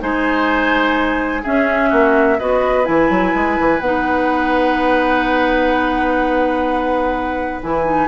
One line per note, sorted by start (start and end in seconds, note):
0.00 1.45 G#3
0.00 1.43 D#4
0.00 1.42 C5
0.00 1.44 G#5
1.42 2.39 C#4
1.42 1.92 C#4
1.42 1.89 G#4
1.42 2.39 E5
1.89 2.39 A#3
1.89 2.37 F#4
2.39 2.87 B3
2.39 2.84 F#4
2.39 8.08 B4
2.39 2.85 D#5
2.84 3.09 E3
2.84 3.79 E4
2.84 3.80 G#5
3.09 3.33 F#3
3.34 3.58 G#3
3.60 3.80 E3
3.80 7.61 B3
3.80 7.63 D#4
3.80 7.61 F#5
7.62 8.08 E3
7.62 7.85 E4
7.62 8.08 G#5
7.85 8.08 D#4